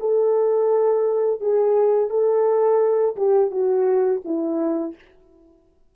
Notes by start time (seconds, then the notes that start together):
0.00 A4
1.41 G#4
2.10 A4
3.16 G4
3.51 F#4
4.24 E4